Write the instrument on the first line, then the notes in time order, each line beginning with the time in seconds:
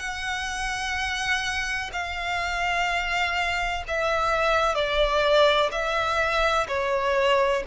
violin
0.00 F#5
1.93 F5
3.88 E5
4.75 D5
5.72 E5
6.68 C#5